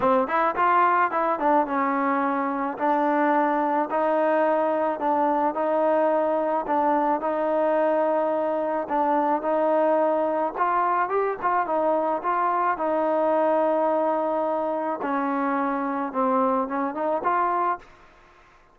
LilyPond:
\new Staff \with { instrumentName = "trombone" } { \time 4/4 \tempo 4 = 108 c'8 e'8 f'4 e'8 d'8 cis'4~ | cis'4 d'2 dis'4~ | dis'4 d'4 dis'2 | d'4 dis'2. |
d'4 dis'2 f'4 | g'8 f'8 dis'4 f'4 dis'4~ | dis'2. cis'4~ | cis'4 c'4 cis'8 dis'8 f'4 | }